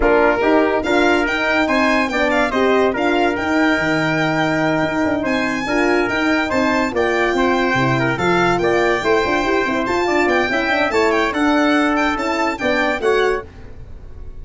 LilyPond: <<
  \new Staff \with { instrumentName = "violin" } { \time 4/4 \tempo 4 = 143 ais'2 f''4 g''4 | gis''4 g''8 f''8 dis''4 f''4 | g''1~ | g''8 gis''2 g''4 a''8~ |
a''8 g''2. f''8~ | f''8 g''2. a''8~ | a''8 g''4. a''8 g''8 fis''4~ | fis''8 g''8 a''4 g''4 fis''4 | }
  \new Staff \with { instrumentName = "trumpet" } { \time 4/4 f'4 g'4 ais'2 | c''4 d''4 c''4 ais'4~ | ais'1~ | ais'8 c''4 ais'2 c''8~ |
c''8 d''4 c''4. ais'8 a'8~ | a'8 d''4 c''2~ c''8 | d''4 e''4 cis''4 a'4~ | a'2 d''4 cis''4 | }
  \new Staff \with { instrumentName = "horn" } { \time 4/4 d'4 dis'4 f'4 dis'4~ | dis'4 d'4 g'4 f'4 | dis'1~ | dis'4. f'4 dis'4.~ |
dis'8 f'2 e'4 f'8~ | f'4. e'8 f'8 g'8 e'8 f'8~ | f'4 e'8 d'8 e'4 d'4~ | d'4 e'4 d'4 fis'4 | }
  \new Staff \with { instrumentName = "tuba" } { \time 4/4 ais4 dis'4 d'4 dis'4 | c'4 b4 c'4 d'4 | dis'4 dis2~ dis8 dis'8 | d'8 c'4 d'4 dis'4 c'8~ |
c'8 ais4 c'4 c4 f8~ | f8 ais4 a8 d'8 e'8 c'8 f'8 | d'8 b8 cis'4 a4 d'4~ | d'4 cis'4 b4 a4 | }
>>